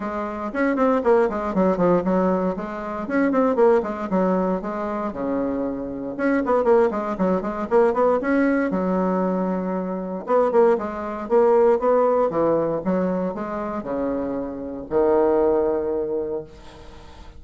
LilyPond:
\new Staff \with { instrumentName = "bassoon" } { \time 4/4 \tempo 4 = 117 gis4 cis'8 c'8 ais8 gis8 fis8 f8 | fis4 gis4 cis'8 c'8 ais8 gis8 | fis4 gis4 cis2 | cis'8 b8 ais8 gis8 fis8 gis8 ais8 b8 |
cis'4 fis2. | b8 ais8 gis4 ais4 b4 | e4 fis4 gis4 cis4~ | cis4 dis2. | }